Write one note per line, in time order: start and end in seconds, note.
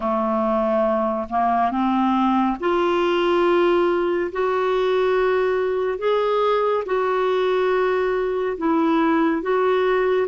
0.00 1.27 A3
1.29 1.71 A#3
1.71 2.57 C4
2.59 4.31 F4
4.32 5.98 F#4
5.98 6.84 G#4
6.85 8.57 F#4
8.57 9.42 E4
9.42 10.27 F#4